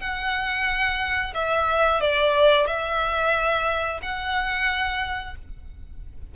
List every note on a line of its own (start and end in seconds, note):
0.00 1.33 F#5
1.34 2.00 E5
2.00 2.66 D5
2.66 4.00 E5
4.02 5.35 F#5